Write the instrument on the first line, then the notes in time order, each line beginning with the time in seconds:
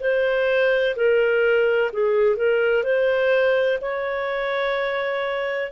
clarinet
0.00 C5
0.96 A#4
1.93 G#4
2.37 A#4
2.84 C5
3.81 C#5